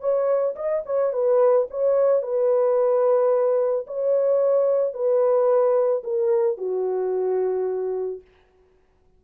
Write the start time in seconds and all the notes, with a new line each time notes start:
0.00 C#5
0.56 D#5
0.85 C#5
1.13 B4
1.70 C#5
2.22 B4
3.87 C#5
4.93 B4
6.03 A#4
6.57 F#4